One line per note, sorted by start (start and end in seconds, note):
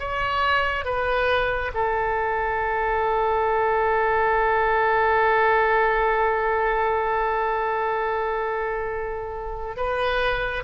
0.00 0.85 C#5
0.85 1.72 B4
1.75 9.77 A4
9.77 10.64 B4